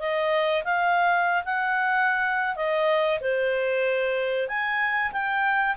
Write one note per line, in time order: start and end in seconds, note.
0.00 0.64 D#5
0.64 1.44 F5
1.45 2.56 F#5
2.56 3.20 D#5
3.21 4.48 C5
4.48 5.12 G#5
5.12 5.76 G5